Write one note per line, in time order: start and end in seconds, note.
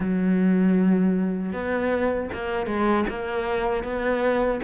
0.00 1.52 F#3
1.52 2.29 B3
2.33 2.66 A#3
2.66 3.05 G#3
3.09 3.83 A#3
3.83 4.60 B3